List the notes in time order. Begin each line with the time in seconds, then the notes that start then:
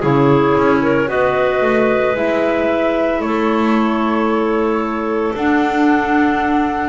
0.00 C#3 E4 G#4 C#5
0.57 C#4
0.82 A#4
1.07 B3 F#4 B4 D#5
1.61 A3
2.14 G#3 E4 E5
3.19 A3 A4 C#5
5.35 D4 F#5